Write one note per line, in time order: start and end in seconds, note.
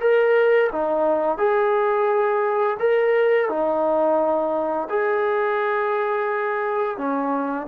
0.00 0.70 A#4
0.72 1.38 D#4
1.38 2.77 G#4
2.79 3.49 A#4
3.49 4.88 D#4
4.89 6.97 G#4
6.97 7.67 C#4